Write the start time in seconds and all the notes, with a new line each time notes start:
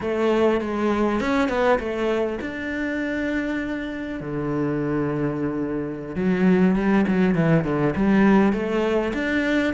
0.00 A3
0.61 G#3
1.20 C#4
1.48 B3
1.79 A3
2.41 D4
4.20 D3
6.15 F#3
6.75 G3
7.07 F#3
7.34 E3
7.64 D3
7.96 G3
8.52 A3
9.13 D4